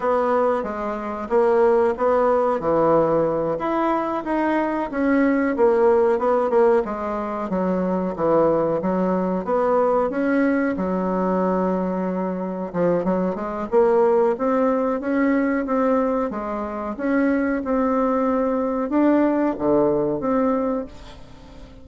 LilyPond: \new Staff \with { instrumentName = "bassoon" } { \time 4/4 \tempo 4 = 92 b4 gis4 ais4 b4 | e4. e'4 dis'4 cis'8~ | cis'8 ais4 b8 ais8 gis4 fis8~ | fis8 e4 fis4 b4 cis'8~ |
cis'8 fis2. f8 | fis8 gis8 ais4 c'4 cis'4 | c'4 gis4 cis'4 c'4~ | c'4 d'4 d4 c'4 | }